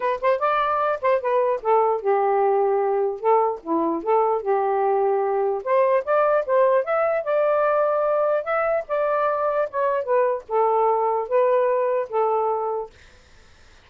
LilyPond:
\new Staff \with { instrumentName = "saxophone" } { \time 4/4 \tempo 4 = 149 b'8 c''8 d''4. c''8 b'4 | a'4 g'2. | a'4 e'4 a'4 g'4~ | g'2 c''4 d''4 |
c''4 e''4 d''2~ | d''4 e''4 d''2 | cis''4 b'4 a'2 | b'2 a'2 | }